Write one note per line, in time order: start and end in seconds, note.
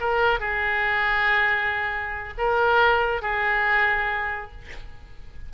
0.00 0.40 A#4
0.40 2.34 G#4
2.38 3.22 A#4
3.22 4.52 G#4